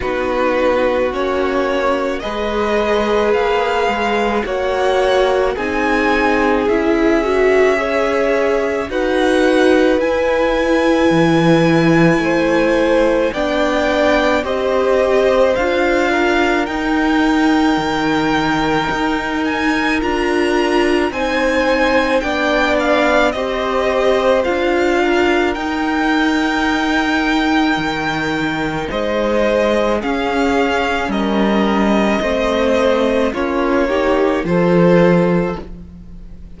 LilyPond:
<<
  \new Staff \with { instrumentName = "violin" } { \time 4/4 \tempo 4 = 54 b'4 cis''4 dis''4 f''4 | fis''4 gis''4 e''2 | fis''4 gis''2. | g''4 dis''4 f''4 g''4~ |
g''4. gis''8 ais''4 gis''4 | g''8 f''8 dis''4 f''4 g''4~ | g''2 dis''4 f''4 | dis''2 cis''4 c''4 | }
  \new Staff \with { instrumentName = "violin" } { \time 4/4 fis'2 b'2 | cis''4 gis'2 cis''4 | b'2. c''4 | d''4 c''4. ais'4.~ |
ais'2. c''4 | d''4 c''4. ais'4.~ | ais'2 c''4 gis'4 | ais'4 c''4 f'8 g'8 a'4 | }
  \new Staff \with { instrumentName = "viola" } { \time 4/4 dis'4 cis'4 gis'2 | fis'4 dis'4 e'8 fis'8 gis'4 | fis'4 e'2. | d'4 g'4 f'4 dis'4~ |
dis'2 f'4 dis'4 | d'4 g'4 f'4 dis'4~ | dis'2. cis'4~ | cis'4 c'4 cis'8 dis'8 f'4 | }
  \new Staff \with { instrumentName = "cello" } { \time 4/4 b4 ais4 gis4 ais8 gis8 | ais4 c'4 cis'2 | dis'4 e'4 e4 a4 | b4 c'4 d'4 dis'4 |
dis4 dis'4 d'4 c'4 | b4 c'4 d'4 dis'4~ | dis'4 dis4 gis4 cis'4 | g4 a4 ais4 f4 | }
>>